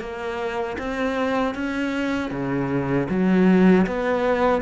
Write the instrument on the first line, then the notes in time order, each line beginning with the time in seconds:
cello
0.00 A#3
0.78 C4
1.55 C#4
2.30 C#3
3.09 F#3
3.86 B3